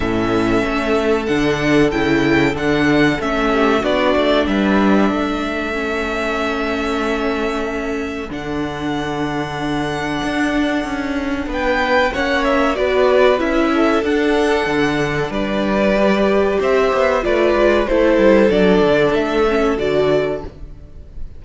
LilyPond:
<<
  \new Staff \with { instrumentName = "violin" } { \time 4/4 \tempo 4 = 94 e''2 fis''4 g''4 | fis''4 e''4 d''4 e''4~ | e''1~ | e''4 fis''2.~ |
fis''2 g''4 fis''8 e''8 | d''4 e''4 fis''2 | d''2 e''4 d''4 | c''4 d''4 e''4 d''4 | }
  \new Staff \with { instrumentName = "violin" } { \time 4/4 a'1~ | a'4. g'8 fis'4 b'4 | a'1~ | a'1~ |
a'2 b'4 cis''4 | b'4. a'2~ a'8 | b'2 c''4 b'4 | a'1 | }
  \new Staff \with { instrumentName = "viola" } { \time 4/4 cis'2 d'4 e'4 | d'4 cis'4 d'2~ | d'4 cis'2.~ | cis'4 d'2.~ |
d'2. cis'4 | fis'4 e'4 d'2~ | d'4 g'2 f'4 | e'4 d'4. cis'8 fis'4 | }
  \new Staff \with { instrumentName = "cello" } { \time 4/4 a,4 a4 d4 cis4 | d4 a4 b8 a8 g4 | a1~ | a4 d2. |
d'4 cis'4 b4 ais4 | b4 cis'4 d'4 d4 | g2 c'8 b8 a8 gis8 | a8 g8 fis8 d8 a4 d4 | }
>>